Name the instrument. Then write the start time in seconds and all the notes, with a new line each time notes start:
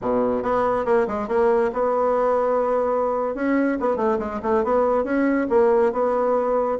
bassoon
0.01 B2
0.43 B3
0.85 A#3
1.07 G#3
1.28 A#3
1.72 B3
3.34 C#4
3.79 B3
3.96 A3
4.18 G#3
4.42 A3
4.64 B3
5.03 C#4
5.49 A#3
5.92 B3